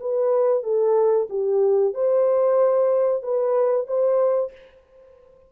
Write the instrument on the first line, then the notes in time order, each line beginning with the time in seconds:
horn
0.00 B4
0.63 A4
1.30 G4
1.94 C5
3.23 B4
3.87 C5